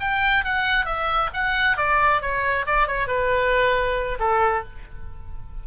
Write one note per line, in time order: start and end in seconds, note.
0.00 0.44 G5
0.44 0.85 F#5
0.85 1.30 E5
1.33 1.77 F#5
1.77 2.21 D5
2.21 2.66 C#5
2.66 2.87 D5
2.87 3.07 C#5
3.07 4.19 B4
4.19 4.64 A4